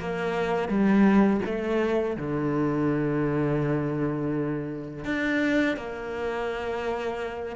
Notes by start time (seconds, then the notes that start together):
0.00 A#3
0.69 G3
1.46 A3
2.17 D3
5.05 D4
5.77 A#3